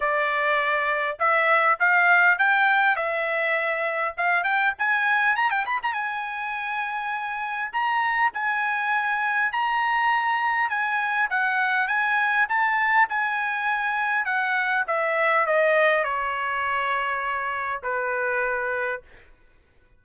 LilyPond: \new Staff \with { instrumentName = "trumpet" } { \time 4/4 \tempo 4 = 101 d''2 e''4 f''4 | g''4 e''2 f''8 g''8 | gis''4 ais''16 g''16 b''16 ais''16 gis''2~ | gis''4 ais''4 gis''2 |
ais''2 gis''4 fis''4 | gis''4 a''4 gis''2 | fis''4 e''4 dis''4 cis''4~ | cis''2 b'2 | }